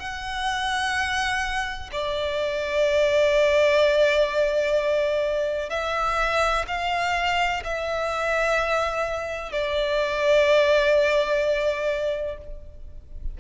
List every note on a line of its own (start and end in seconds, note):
0.00 1.90 F#5
1.93 5.70 D5
5.70 6.65 E5
6.68 7.64 F5
7.65 9.52 E5
9.52 12.38 D5